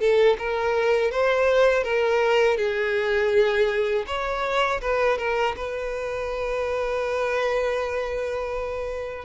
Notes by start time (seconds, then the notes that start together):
0.00 A4
0.38 A#4
1.11 C5
1.84 A#4
2.57 G#4
4.07 C#5
4.81 B4
5.18 A#4
5.57 B4